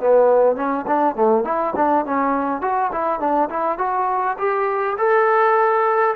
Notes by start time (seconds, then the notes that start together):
0.00 B3
0.56 C#4
0.87 D4
1.16 A3
1.44 E4
1.76 D4
2.05 C#4
2.61 F#4
2.92 E4
3.20 D4
3.50 E4
3.78 F#4
4.38 G4
4.98 A4